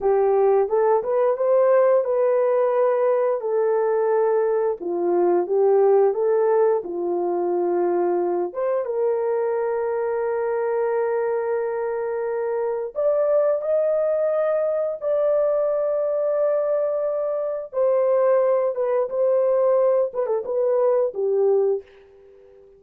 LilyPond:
\new Staff \with { instrumentName = "horn" } { \time 4/4 \tempo 4 = 88 g'4 a'8 b'8 c''4 b'4~ | b'4 a'2 f'4 | g'4 a'4 f'2~ | f'8 c''8 ais'2.~ |
ais'2. d''4 | dis''2 d''2~ | d''2 c''4. b'8 | c''4. b'16 a'16 b'4 g'4 | }